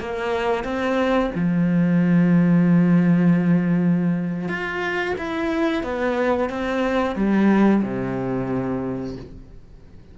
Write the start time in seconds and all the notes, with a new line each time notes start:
0.00 A#3
0.64 C4
1.35 F3
4.48 F4
5.18 E4
5.83 B3
6.49 C4
7.16 G3
7.83 C3